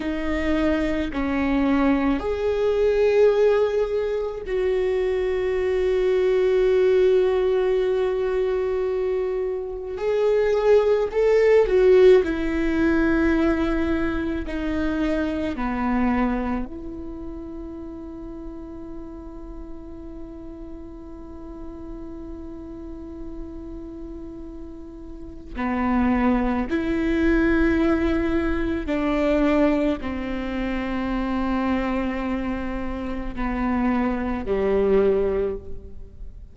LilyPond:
\new Staff \with { instrumentName = "viola" } { \time 4/4 \tempo 4 = 54 dis'4 cis'4 gis'2 | fis'1~ | fis'4 gis'4 a'8 fis'8 e'4~ | e'4 dis'4 b4 e'4~ |
e'1~ | e'2. b4 | e'2 d'4 c'4~ | c'2 b4 g4 | }